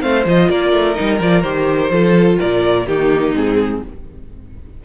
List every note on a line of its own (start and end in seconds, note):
0.00 0.25 A3
0.00 0.24 C4
0.00 0.49 C5
0.00 0.25 F5
0.25 0.49 F3
0.25 0.95 F4
0.25 0.50 D#5
0.49 0.72 A#3
0.49 1.92 A#4
0.49 0.94 D5
0.72 0.96 A3
0.94 1.19 G3
0.94 1.19 D#4
0.94 1.18 D#5
1.19 1.43 F3
1.19 1.43 F4
1.19 1.41 D5
1.41 1.90 D#3
1.41 1.91 G4
1.41 2.37 C5
1.90 2.38 F3
1.90 2.88 F4
1.90 2.39 A4
2.39 2.87 A#2
2.39 2.86 A#4
2.39 2.86 D5
2.86 3.33 D#3
2.86 3.35 A#3
2.86 3.85 D#4
2.86 3.34 G4
3.33 3.81 G#2
3.33 3.82 C4
3.33 3.83 G#4